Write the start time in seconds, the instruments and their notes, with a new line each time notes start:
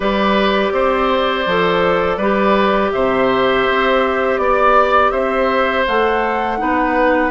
0.00 bassoon G3, clarinet G4, oboe B4, flute D5
0.71 bassoon C4, oboe C5
1.45 bassoon F3, clarinet A4
2.17 bassoon G3, clarinet G4, oboe B4
2.92 bassoon C3, oboe C5, flute E5
3.68 bassoon C4
4.37 bassoon B3, flute D5, oboe D5
5.10 bassoon C4, oboe C5, flute E5
5.87 bassoon A3, clarinet A4, flute F#5
6.57 bassoon B3, clarinet D#4, oboe B4